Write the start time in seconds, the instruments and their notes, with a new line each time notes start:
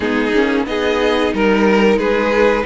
0.00 cello G#3, viola B3, violin D#4 G#4
0.33 cello A#3, viola C#4
0.66 cello B3, viola D#4, violin G#4 D#5
1.33 cello G3, violin A#4
1.97 cello G#3, violin G#4 B4